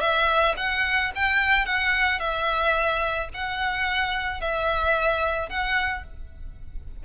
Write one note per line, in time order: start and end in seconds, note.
0.00 0.55 E5
0.57 1.11 F#5
1.15 1.66 G5
1.66 2.19 F#5
2.19 3.29 E5
3.34 4.41 F#5
4.41 5.49 E5
5.49 6.03 F#5